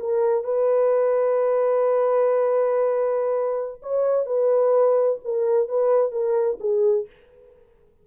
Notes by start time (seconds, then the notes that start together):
0.00 A#4
0.44 B4
3.82 C#5
4.26 B4
5.24 A#4
5.68 B4
6.12 A#4
6.60 G#4